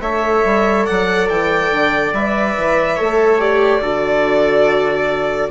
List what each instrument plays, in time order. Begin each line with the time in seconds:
0.00 bassoon A3, viola A4, trumpet C#5, violin E5
0.44 bassoon G3
0.85 bassoon F#3, trumpet D5, violin F#5
1.29 bassoon E3, violin G5
1.71 bassoon D3
2.12 bassoon G3, viola B4, violin E5
2.57 bassoon E3
2.96 bassoon A3, viola A4, trumpet C#5
3.38 viola G4, violin D5
3.80 bassoon D3, viola F#4, trumpet A4